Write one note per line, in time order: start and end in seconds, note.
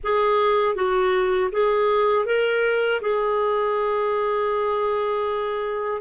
0.03 0.75 G#4
0.75 1.50 F#4
1.52 2.25 G#4
2.25 3.00 A#4
3.01 6.01 G#4